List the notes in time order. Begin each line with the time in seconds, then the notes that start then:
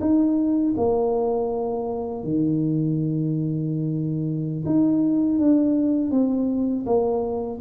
0.00 D#4
0.76 A#3
2.23 D#3
4.65 D#4
5.38 D4
6.10 C4
6.86 A#3